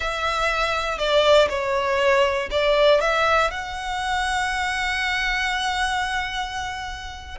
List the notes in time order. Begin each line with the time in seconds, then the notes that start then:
0.00 E5
0.98 D5
1.49 C#5
2.50 D5
3.00 E5
3.50 F#5